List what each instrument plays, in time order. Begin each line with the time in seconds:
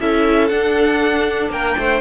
0.00 cello C#4, viola E4, violin A4 E5
0.48 cello D4, viola D4, violin F#5
1.50 cello A#3, violin A#4 G5
1.78 cello A3, violin C5